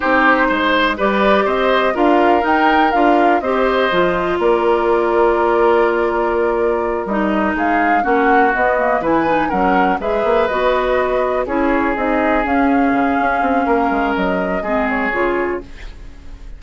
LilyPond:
<<
  \new Staff \with { instrumentName = "flute" } { \time 4/4 \tempo 4 = 123 c''2 d''4 dis''4 | f''4 g''4 f''4 dis''4~ | dis''4 d''2.~ | d''2~ d''8 dis''4 f''8~ |
f''8 fis''4 dis''4 gis''4 fis''8~ | fis''8 e''4 dis''2 cis''8~ | cis''8 dis''4 f''2~ f''8~ | f''4 dis''4. cis''4. | }
  \new Staff \with { instrumentName = "oboe" } { \time 4/4 g'4 c''4 b'4 c''4 | ais'2. c''4~ | c''4 ais'2.~ | ais'2.~ ais'8 gis'8~ |
gis'8 fis'2 b'4 ais'8~ | ais'8 b'2. gis'8~ | gis'1 | ais'2 gis'2 | }
  \new Staff \with { instrumentName = "clarinet" } { \time 4/4 dis'2 g'2 | f'4 dis'4 f'4 g'4 | f'1~ | f'2~ f'8 dis'4.~ |
dis'8 cis'4 b8 ais8 e'8 dis'8 cis'8~ | cis'8 gis'4 fis'2 e'8~ | e'8 dis'4 cis'2~ cis'8~ | cis'2 c'4 f'4 | }
  \new Staff \with { instrumentName = "bassoon" } { \time 4/4 c'4 gis4 g4 c'4 | d'4 dis'4 d'4 c'4 | f4 ais2.~ | ais2~ ais8 g4 gis8~ |
gis8 ais4 b4 e4 fis8~ | fis8 gis8 ais8 b2 cis'8~ | cis'8 c'4 cis'4 cis8 cis'8 c'8 | ais8 gis8 fis4 gis4 cis4 | }
>>